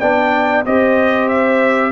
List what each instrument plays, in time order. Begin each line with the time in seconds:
0.00 tuba B3, trombone D4, horn D5, trumpet G5
0.66 tuba C4, trombone G4, horn C5, trumpet D#5
1.28 trumpet E5